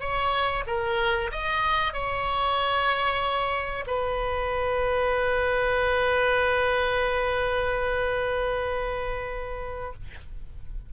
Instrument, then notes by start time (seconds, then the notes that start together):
oboe
0.00 C#5
0.67 A#4
1.32 D#5
1.93 C#5
3.87 B4